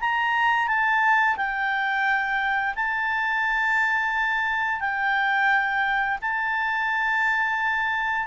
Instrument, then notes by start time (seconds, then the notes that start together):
clarinet
0.00 A#5
0.67 A5
1.36 G5
2.75 A5
4.80 G5
6.21 A5